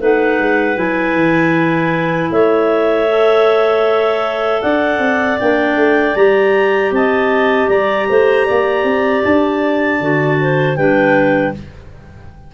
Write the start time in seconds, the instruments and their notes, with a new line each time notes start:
0.00 tuba A3, clarinet D#4 B4 F#5
0.39 tuba G#3
0.75 tuba F#3, clarinet E4 G#5
1.14 tuba E3
2.31 tuba A3, clarinet C#5 E5
3.08 clarinet A4
4.62 tuba D4, clarinet D5 F#5
4.98 tuba C4
5.39 tuba A#3, clarinet D4 G5
5.76 tuba A3
6.15 tuba G3, clarinet G4 A#5
6.91 tuba C4, clarinet D#5 A5
7.68 tuba G3, clarinet D5 A#5
8.09 tuba A3, clarinet C5
8.46 tuba A#3, clarinet D5
8.84 tuba C4
9.23 tuba D4, clarinet A5
10.00 tuba D3, clarinet F#4
10.41 clarinet C5
10.76 tuba G3, clarinet D4 B4 G5